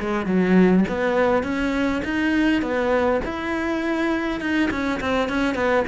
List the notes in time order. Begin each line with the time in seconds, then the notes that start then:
0.00 G#3
0.26 F#3
0.88 B3
1.43 C#4
2.04 D#4
2.62 B3
3.25 E4
4.40 D#4
4.70 C#4
5.00 C4
5.29 C#4
5.55 B3